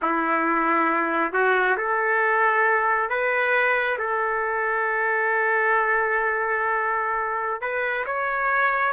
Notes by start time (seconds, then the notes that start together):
0.01 E4
1.32 F#4
1.77 A4
3.09 B4
3.98 A4
7.61 B4
8.06 C#5